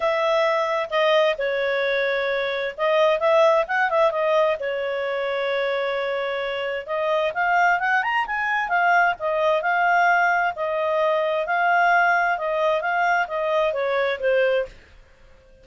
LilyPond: \new Staff \with { instrumentName = "clarinet" } { \time 4/4 \tempo 4 = 131 e''2 dis''4 cis''4~ | cis''2 dis''4 e''4 | fis''8 e''8 dis''4 cis''2~ | cis''2. dis''4 |
f''4 fis''8 ais''8 gis''4 f''4 | dis''4 f''2 dis''4~ | dis''4 f''2 dis''4 | f''4 dis''4 cis''4 c''4 | }